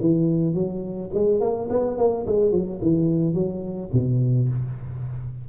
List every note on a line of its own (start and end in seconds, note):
0.00 0.54 E3
0.54 1.10 F#3
1.14 1.40 G#3
1.40 1.68 A#3
1.69 1.97 B3
1.98 2.26 A#3
2.26 2.51 G#3
2.51 2.79 F#3
2.81 3.34 E3
3.34 3.90 F#3
3.93 4.49 B2